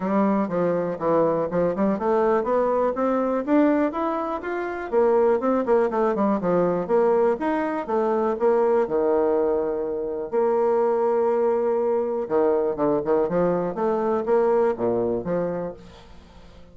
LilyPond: \new Staff \with { instrumentName = "bassoon" } { \time 4/4 \tempo 4 = 122 g4 f4 e4 f8 g8 | a4 b4 c'4 d'4 | e'4 f'4 ais4 c'8 ais8 | a8 g8 f4 ais4 dis'4 |
a4 ais4 dis2~ | dis4 ais2.~ | ais4 dis4 d8 dis8 f4 | a4 ais4 ais,4 f4 | }